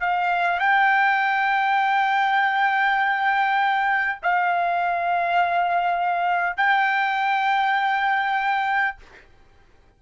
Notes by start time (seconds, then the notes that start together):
0.00 F5
0.59 G5
4.23 F5
6.57 G5